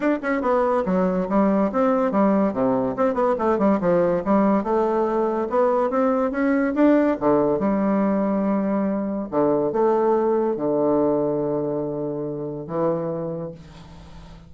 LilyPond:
\new Staff \with { instrumentName = "bassoon" } { \time 4/4 \tempo 4 = 142 d'8 cis'8 b4 fis4 g4 | c'4 g4 c4 c'8 b8 | a8 g8 f4 g4 a4~ | a4 b4 c'4 cis'4 |
d'4 d4 g2~ | g2 d4 a4~ | a4 d2.~ | d2 e2 | }